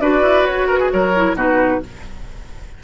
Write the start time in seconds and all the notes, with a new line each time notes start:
0.00 D4 F#4 B4 D5
0.22 E4
0.43 F#4 C#5
0.68 A#4 B4
0.80 G#4
0.92 F#3 A#4 C#5
1.16 E4
1.34 B2 D#4 F#4 B4